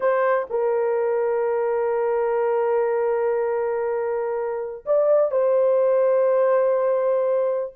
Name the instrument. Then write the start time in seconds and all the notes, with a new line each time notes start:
horn
0.00 C5
0.49 A#4
4.85 D5
5.31 C5